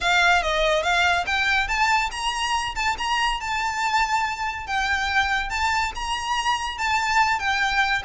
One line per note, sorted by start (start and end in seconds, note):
0.00 0.42 F5
0.42 0.82 D#5
0.82 1.25 F5
1.26 1.67 G5
1.67 2.10 A5
2.11 2.74 A#5
2.75 2.96 A5
2.98 3.40 A#5
3.40 4.67 A5
4.67 5.49 G5
5.49 5.92 A5
5.95 6.78 A#5
6.78 7.39 A5
7.39 8.02 G5